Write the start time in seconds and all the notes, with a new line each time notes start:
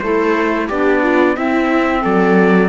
0.00 A3 E4 A4 C5
0.68 B3 D4 G4 D5
1.03 F4
1.36 C4 E4 E5
2.02 F#3 A4 D5